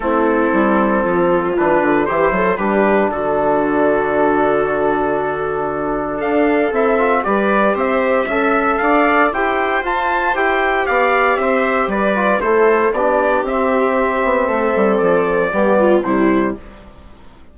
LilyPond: <<
  \new Staff \with { instrumentName = "trumpet" } { \time 4/4 \tempo 4 = 116 a'2. b'4 | c''4 b'4 a'2~ | a'1 | f''4 e''4 d''4 e''4~ |
e''4 f''4 g''4 a''4 | g''4 f''4 e''4 d''4 | c''4 d''4 e''2~ | e''4 d''2 c''4 | }
  \new Staff \with { instrumentName = "viola" } { \time 4/4 e'2 f'2 | g'8 a'8 g'4 fis'2~ | fis'1 | a'2 b'4 c''4 |
e''4 d''4 c''2~ | c''4 d''4 c''4 b'4 | a'4 g'2. | a'2 g'8 f'8 e'4 | }
  \new Staff \with { instrumentName = "trombone" } { \time 4/4 c'2. d'4 | e'4 d'2.~ | d'1~ | d'4 e'8 f'8 g'2 |
a'2 g'4 f'4 | g'2.~ g'8 f'8 | e'4 d'4 c'2~ | c'2 b4 g4 | }
  \new Staff \with { instrumentName = "bassoon" } { \time 4/4 a4 g4 f4 e8 d8 | e8 fis8 g4 d2~ | d1 | d'4 c'4 g4 c'4 |
cis'4 d'4 e'4 f'4 | e'4 b4 c'4 g4 | a4 b4 c'4. b8 | a8 g8 f4 g4 c4 | }
>>